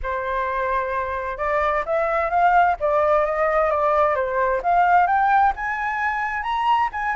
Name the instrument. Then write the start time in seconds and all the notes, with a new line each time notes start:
flute
0.02 C5
1.37 D5
1.85 E5
2.30 F5
2.79 D5
3.25 D#5
3.70 D5
4.15 C5
4.63 F5
5.06 G5
5.56 G#5
6.43 A#5
6.92 G#5